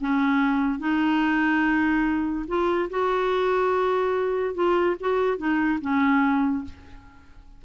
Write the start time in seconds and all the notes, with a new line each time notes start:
0.00 C#4
0.79 D#4
2.47 F4
2.90 F#4
4.54 F4
5.00 F#4
5.37 D#4
5.81 C#4